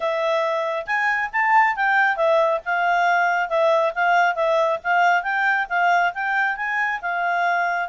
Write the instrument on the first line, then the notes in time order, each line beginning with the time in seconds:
clarinet
0.00 E5
0.86 G#5
1.32 A5
1.76 G5
2.16 E5
2.65 F5
3.49 E5
3.94 F5
4.35 E5
4.83 F5
5.23 G5
5.69 F5
6.14 G5
6.56 G#5
7.01 F5